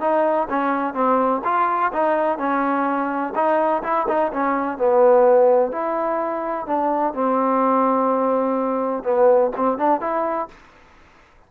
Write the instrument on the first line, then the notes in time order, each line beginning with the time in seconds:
trombone
0.00 D#4
0.49 C#4
0.93 C4
1.44 F4
1.92 D#4
2.38 C#4
3.35 D#4
3.82 E4
4.08 D#4
4.32 C#4
4.78 B3
5.71 E4
6.66 D4
7.14 C4
9.03 B3
9.56 C4
9.77 D4
10.00 E4